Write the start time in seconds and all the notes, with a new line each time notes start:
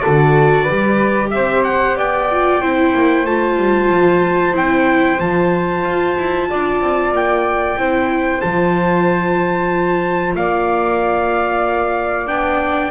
0.00 F#4 A4 D5
0.07 D3
0.64 G4 B4
0.70 G3
1.31 C4 C5 E5
1.64 F#5
1.96 B3 D5 G5
2.31 F4
2.61 C4 E4 C5
2.94 A#3
3.25 A3 F4 A5
3.57 G3
3.89 F3
4.54 C4 E4 G5
5.19 F3 F4 A5
5.84 F4
6.18 E4
6.50 D4 D5
6.81 C4
7.12 A#3 G5
7.77 C4 E4 C5
8.41 F3 F4 A5
10.36 A#3 D5 F5
12.27 B3 D4 G5